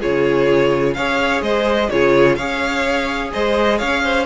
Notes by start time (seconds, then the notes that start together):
0.00 C#3 F4 G#4 C#5
0.94 C#4 G#4 C#5 F5
1.41 G#3 C5 D#5
1.90 C#3 F4 G#4 C#5
2.35 C#4 G#4 C#5 F5
3.33 G#3 C5 D#5
3.78 C#4 C#5 F5
4.03 C5